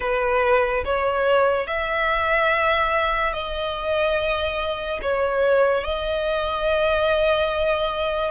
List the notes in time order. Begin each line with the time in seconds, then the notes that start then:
0.00 B4
0.84 C#5
1.67 E5
3.33 D#5
5.02 C#5
5.84 D#5